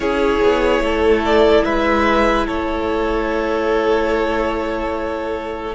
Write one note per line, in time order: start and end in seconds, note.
0.00 0.38 C#4
0.00 5.73 E4
0.00 0.83 G#4
0.00 1.22 C#5
0.42 0.80 B3
0.80 1.62 A3
0.80 1.64 A4
1.24 1.64 D5
1.64 2.47 G#3
1.64 2.46 B4
1.64 2.46 E5
2.46 5.74 A3
2.46 5.74 A4
2.46 5.74 C#5